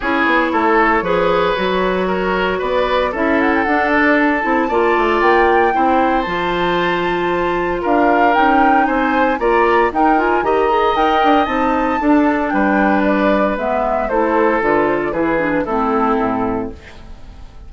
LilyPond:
<<
  \new Staff \with { instrumentName = "flute" } { \time 4/4 \tempo 4 = 115 cis''1~ | cis''4 d''4 e''8 fis''16 g''16 fis''8 d''8 | a''2 g''2 | a''2. f''4 |
g''4 gis''4 ais''4 g''8 gis''8 | ais''4 g''4 a''2 | g''4 d''4 e''4 c''4 | b'8 c''16 d''16 b'4 a'2 | }
  \new Staff \with { instrumentName = "oboe" } { \time 4/4 gis'4 a'4 b'2 | ais'4 b'4 a'2~ | a'4 d''2 c''4~ | c''2. ais'4~ |
ais'4 c''4 d''4 ais'4 | dis''2. a'4 | b'2. a'4~ | a'4 gis'4 e'2 | }
  \new Staff \with { instrumentName = "clarinet" } { \time 4/4 e'2 gis'4 fis'4~ | fis'2 e'4 d'4~ | d'8 e'8 f'2 e'4 | f'1 |
dis'2 f'4 dis'8 f'8 | g'8 gis'8 ais'4 dis'4 d'4~ | d'2 b4 e'4 | f'4 e'8 d'8 c'2 | }
  \new Staff \with { instrumentName = "bassoon" } { \time 4/4 cis'8 b8 a4 f4 fis4~ | fis4 b4 cis'4 d'4~ | d'8 c'8 ais8 a8 ais4 c'4 | f2. d'4 |
cis'4 c'4 ais4 dis'4 | dis4 dis'8 d'8 c'4 d'4 | g2 gis4 a4 | d4 e4 a4 a,4 | }
>>